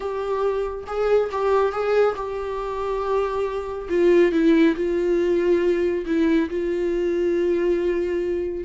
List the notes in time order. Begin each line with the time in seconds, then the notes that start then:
0.00 G4
0.87 G#4
1.31 G4
1.71 G#4
2.15 G4
3.89 F4
4.32 E4
4.75 F4
6.05 E4
6.49 F4